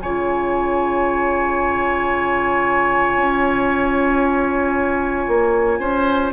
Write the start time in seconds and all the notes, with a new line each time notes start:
0.00 C#3 F4 C#5 G#5
3.16 C#4
5.27 A#3
5.79 C#4 C5